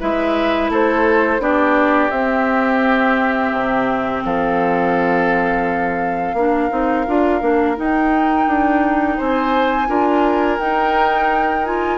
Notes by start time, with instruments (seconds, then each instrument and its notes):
0.00 bassoon G#3, clarinet E4, oboe B4, flute E5
0.70 bassoon A3, oboe A4, flute C5
1.40 bassoon B3, clarinet D4, oboe G4, flute D5
2.11 bassoon C4, clarinet C4, flute E5
3.52 bassoon C3
4.25 bassoon F3, oboe A4, flute F5
6.34 bassoon A#3, clarinet D4, oboe A#4
6.70 bassoon C4, clarinet D#4
7.08 bassoon D4, clarinet F4
7.41 bassoon A#3, clarinet D4
7.77 clarinet D#4, bassoon D#4, flute G5
8.47 bassoon D4
9.18 bassoon C4, oboe C5, flute G#5
9.88 bassoon D4, clarinet F4, oboe A#4
10.59 bassoon D#4, clarinet D#4, flute G5
11.66 clarinet F4, flute G#5